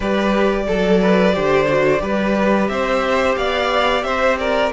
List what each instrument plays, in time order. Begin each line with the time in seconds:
0.00 cello G3, viola G4, violin B4 D5
0.67 cello F#3, violin A4, viola A4
1.01 violin B4
1.33 cello D3, viola G4, violin C5
1.68 viola F#4
1.98 cello G3, viola G4, violin B4
2.67 cello C4, violin C5 E5
3.36 cello B3, violin D5 F5
4.03 cello C4, violin C5 E5
4.38 violin A#4 D5